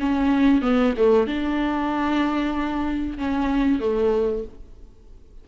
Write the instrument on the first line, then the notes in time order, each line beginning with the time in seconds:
viola
0.00 C#4
0.62 B3
0.97 A3
1.27 D4
3.18 C#4
3.80 A3